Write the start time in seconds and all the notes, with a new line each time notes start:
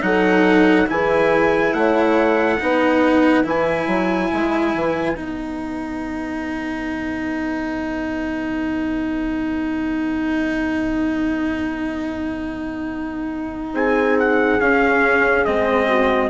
0.00 F#3 D#4 A4 F#5
0.87 E3 E4 G#4 G#5
1.73 A3 C#5 F#5
2.60 B3 D#4 B4
3.44 E3 E4 G#5
3.86 F#3
4.32 G#3
4.74 E3
5.16 B3 D#4 F#5
13.73 C4 G#4 G#5
14.19 F#5
14.59 C#4 F5
15.45 G#3 C4 D#5
15.88 F#4